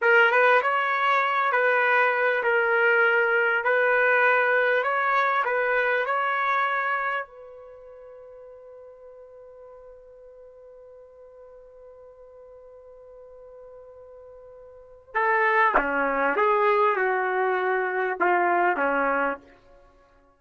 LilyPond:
\new Staff \with { instrumentName = "trumpet" } { \time 4/4 \tempo 4 = 99 ais'8 b'8 cis''4. b'4. | ais'2 b'2 | cis''4 b'4 cis''2 | b'1~ |
b'1~ | b'1~ | b'4 a'4 cis'4 gis'4 | fis'2 f'4 cis'4 | }